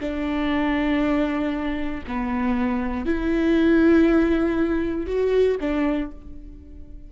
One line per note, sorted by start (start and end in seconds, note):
0.00 2.03 D4
2.07 3.06 B3
3.06 5.06 E4
5.06 5.57 F#4
5.60 6.11 D4